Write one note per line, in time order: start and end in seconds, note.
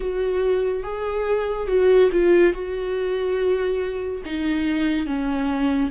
0.00 0.83 F#4
0.83 1.67 G#4
1.67 2.09 F#4
2.11 2.53 F4
2.53 4.22 F#4
4.25 5.06 D#4
5.06 5.90 C#4